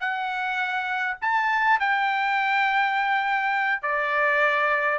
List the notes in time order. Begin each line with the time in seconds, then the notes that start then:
0.00 F#5
1.22 A5
1.80 G5
3.82 D5